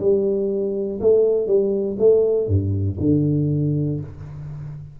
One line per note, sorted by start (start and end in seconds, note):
0.00 1.00 G3
1.00 1.47 A3
1.47 1.97 G3
1.99 2.47 A3
2.47 2.97 G2
3.00 4.00 D3